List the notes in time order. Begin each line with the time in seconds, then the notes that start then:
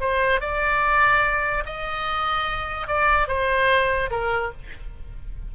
0.00 C5
0.40 D5
1.65 D#5
2.87 D5
3.28 C5
4.10 A#4